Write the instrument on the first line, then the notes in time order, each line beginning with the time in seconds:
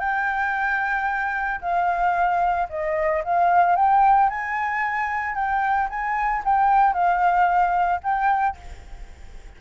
flute
0.00 G5
1.61 F5
2.70 D#5
3.24 F5
3.76 G5
4.29 G#5
5.35 G5
5.90 G#5
6.45 G5
6.93 F5
8.03 G5